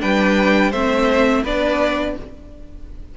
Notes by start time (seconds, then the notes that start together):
0.00 G3 D4 B4 G5
0.71 A3 C4 C5 E5
1.44 B3 D4 B4 D5